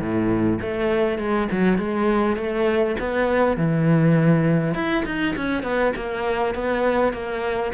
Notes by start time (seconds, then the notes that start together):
0.00 A2
0.61 A3
1.18 G#3
1.51 F#3
1.78 G#3
2.37 A3
2.99 B3
3.57 E3
4.74 E4
5.05 D#4
5.36 C#4
5.63 B3
5.96 A#3
6.54 B3
7.13 A#3